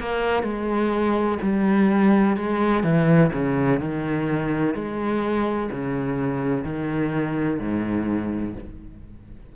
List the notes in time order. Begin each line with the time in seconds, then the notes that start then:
0.00 A#3
0.43 G#3
1.42 G3
2.37 G#3
2.84 E3
3.33 C#3
3.80 D#3
4.75 G#3
5.71 C#3
6.65 D#3
7.60 G#2